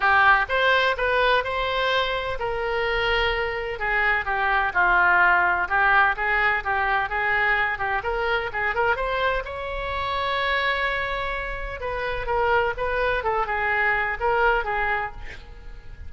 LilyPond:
\new Staff \with { instrumentName = "oboe" } { \time 4/4 \tempo 4 = 127 g'4 c''4 b'4 c''4~ | c''4 ais'2. | gis'4 g'4 f'2 | g'4 gis'4 g'4 gis'4~ |
gis'8 g'8 ais'4 gis'8 ais'8 c''4 | cis''1~ | cis''4 b'4 ais'4 b'4 | a'8 gis'4. ais'4 gis'4 | }